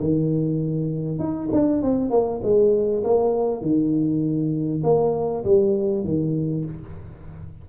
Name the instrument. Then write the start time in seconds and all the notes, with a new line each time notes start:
tuba
0.00 D#3
1.19 D#4
1.53 D4
1.83 C4
2.11 A#3
2.43 G#3
3.04 A#3
3.62 D#3
4.84 A#3
5.45 G3
6.04 D#3